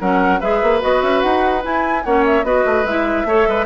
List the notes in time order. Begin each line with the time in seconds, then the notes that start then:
0.00 F#3 C#4 A#4 F#5
0.40 G#3 G#4 B4 E5
0.62 A#3
0.80 B3 F#4 D#5
1.02 C#4 E5
1.22 D#4 F#5
1.61 E4 G#5
2.04 A#3 C#4 C#5 F#5
2.25 E5
2.44 B3 F#4 B4 D#5
2.65 A3
2.84 G#3 E4 E5
3.25 A3 A4 C#5
3.47 G#3 B4